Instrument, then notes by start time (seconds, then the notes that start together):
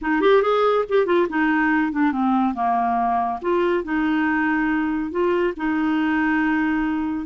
clarinet
0.01 D#4
0.21 G4
0.42 G#4
0.88 G4
1.05 F4
1.29 D#4
1.91 D4
2.12 C4
2.54 A#3
3.41 F4
3.84 D#4
5.11 F4
5.56 D#4